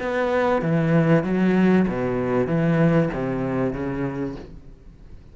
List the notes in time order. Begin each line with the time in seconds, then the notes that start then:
0.00 B3
0.62 E3
1.24 F#3
1.88 B2
2.47 E3
3.14 C3
3.73 C#3